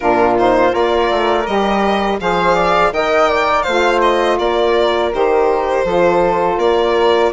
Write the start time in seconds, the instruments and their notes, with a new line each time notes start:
0.00 bassoon A#2, saxophone D4, flute F4, violin A#4
0.38 saxophone D#4, violin C5
0.70 bassoon A#3, saxophone F4, flute A#4, violin D5
1.10 bassoon A3
1.46 bassoon G3, saxophone G4, violin D#5
2.19 bassoon F3, saxophone G#4, flute C5, violin F5
2.54 flute D5
2.91 bassoon D#3, saxophone A#4, flute D#5, violin G5
3.28 flute D5
3.62 bassoon A3, saxophone F4, flute C5, violin F5
4.01 violin D#5
4.38 bassoon A#3, flute A#4, violin D5
5.11 bassoon D#3, saxophone G4, violin C5
5.84 bassoon F3, saxophone F4, flute A4
6.57 bassoon A#3, flute A#4, violin D5